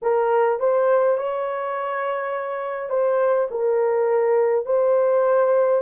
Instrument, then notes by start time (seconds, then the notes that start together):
horn
0.02 A#4
0.59 C5
1.17 C#5
2.89 C5
3.50 A#4
4.65 C5